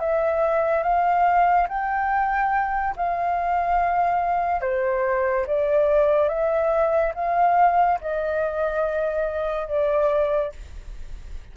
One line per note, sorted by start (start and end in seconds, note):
0.00 0.83 E5
0.83 1.68 F5
1.69 2.95 G5
2.97 4.62 F5
4.62 5.46 C5
5.47 6.29 D5
6.29 7.13 E5
7.15 7.99 F5
8.01 9.68 D#5
9.68 10.52 D5